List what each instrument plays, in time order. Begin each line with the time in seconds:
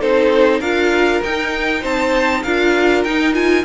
0.00 cello C4, viola D#4, violin A4 C5
0.60 cello D4, viola F4, violin A#4 F5
1.24 cello D#4, viola D#4, violin G5
1.81 cello C4, violin C5 A5
2.43 cello D4, viola F4, violin A#4 F5
3.04 cello D#4, viola D#4, violin G5
3.33 viola F4, violin G#5